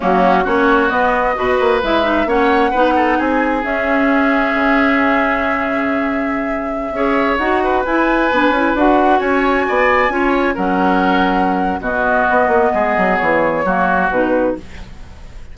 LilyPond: <<
  \new Staff \with { instrumentName = "flute" } { \time 4/4 \tempo 4 = 132 fis'4 cis''4 dis''2 | e''4 fis''2 gis''4 | e''1~ | e''1~ |
e''16 fis''4 gis''2 fis''8.~ | fis''16 gis''2. fis''8.~ | fis''2 dis''2~ | dis''4 cis''2 b'4 | }
  \new Staff \with { instrumentName = "oboe" } { \time 4/4 cis'4 fis'2 b'4~ | b'4 cis''4 b'8 a'8 gis'4~ | gis'1~ | gis'2.~ gis'16 cis''8.~ |
cis''8. b'2.~ b'16~ | b'16 cis''4 d''4 cis''4 ais'8.~ | ais'2 fis'2 | gis'2 fis'2 | }
  \new Staff \with { instrumentName = "clarinet" } { \time 4/4 ais4 cis'4 b4 fis'4 | e'8 dis'8 cis'4 dis'2 | cis'1~ | cis'2.~ cis'16 gis'8.~ |
gis'16 fis'4 e'4 d'8 e'8 fis'8.~ | fis'2~ fis'16 f'4 cis'8.~ | cis'2 b2~ | b2 ais4 dis'4 | }
  \new Staff \with { instrumentName = "bassoon" } { \time 4/4 fis4 ais4 b4 b,8 ais8 | gis4 ais4 b4 c'4 | cis'2 cis2~ | cis2.~ cis16 cis'8.~ |
cis'16 dis'4 e'4 b8 cis'8 d'8.~ | d'16 cis'4 b4 cis'4 fis8.~ | fis2 b,4 b8 ais8 | gis8 fis8 e4 fis4 b,4 | }
>>